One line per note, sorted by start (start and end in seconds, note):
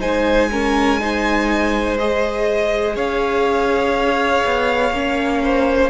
0.00 2.96 G#3
0.00 0.50 D#4
0.00 0.49 C5
0.00 1.98 G#5
0.51 1.00 C#4
0.51 1.00 A#4
1.00 1.98 D#4
1.00 2.95 C5
1.98 4.94 G#4
1.98 2.96 D#5
2.95 4.43 C#4
2.95 5.41 C#5
2.95 5.90 F5
4.45 4.91 B3
4.91 5.89 A#3
4.91 5.90 C#4
5.43 5.90 C5